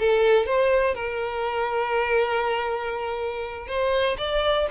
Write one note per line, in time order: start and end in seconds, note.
0.00 0.47 A4
0.47 0.95 C5
0.95 3.68 A#4
3.68 4.18 C5
4.18 4.68 D5